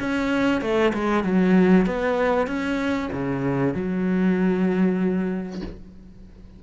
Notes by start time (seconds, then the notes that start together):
0.00 C#4
0.62 A3
0.94 G#3
1.24 F#3
1.87 B3
2.47 C#4
3.13 C#3
3.74 F#3